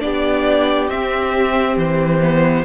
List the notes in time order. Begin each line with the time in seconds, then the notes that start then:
0.00 B3 D4 G4 D5
0.88 C4 E5
1.76 E3 C5
2.22 B3